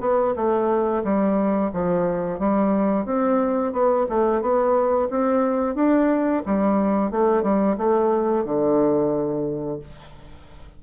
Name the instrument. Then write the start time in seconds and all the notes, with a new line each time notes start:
bassoon
0.00 B3
0.35 A3
1.03 G3
1.73 F3
2.39 G3
3.05 C4
3.72 B3
4.09 A3
4.41 B3
5.10 C4
5.75 D4
6.45 G3
7.11 A3
7.42 G3
7.77 A3
8.44 D3